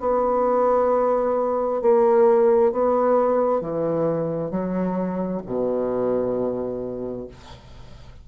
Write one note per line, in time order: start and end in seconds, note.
0.00 1.82 B3
1.82 2.72 A#3
2.72 3.61 B3
3.61 4.51 E3
4.51 5.42 F#3
5.46 7.28 B2